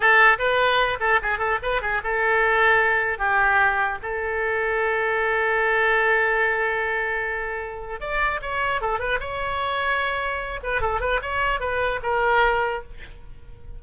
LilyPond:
\new Staff \with { instrumentName = "oboe" } { \time 4/4 \tempo 4 = 150 a'4 b'4. a'8 gis'8 a'8 | b'8 gis'8 a'2. | g'2 a'2~ | a'1~ |
a'1 | d''4 cis''4 a'8 b'8 cis''4~ | cis''2~ cis''8 b'8 a'8 b'8 | cis''4 b'4 ais'2 | }